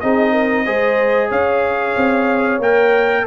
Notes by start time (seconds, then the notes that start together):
0.00 C4 D#4 G#4 D#5
0.32 A#4
0.65 G#3 G#4 C5
1.29 C#4 C#5 F5
1.97 C4
2.59 A#3 A#4 G5